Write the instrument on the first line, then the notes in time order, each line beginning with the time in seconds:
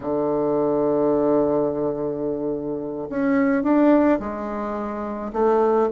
bassoon
0.00 D3
3.09 C#4
3.63 D4
4.19 G#3
5.32 A3